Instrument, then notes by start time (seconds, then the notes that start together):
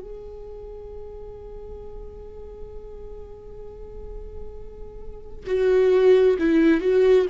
viola
0.00 G#4
5.46 F#4
6.39 E4
6.81 F#4